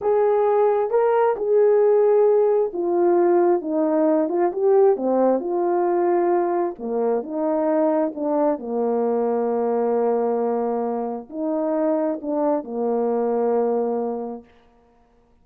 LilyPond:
\new Staff \with { instrumentName = "horn" } { \time 4/4 \tempo 4 = 133 gis'2 ais'4 gis'4~ | gis'2 f'2 | dis'4. f'8 g'4 c'4 | f'2. ais4 |
dis'2 d'4 ais4~ | ais1~ | ais4 dis'2 d'4 | ais1 | }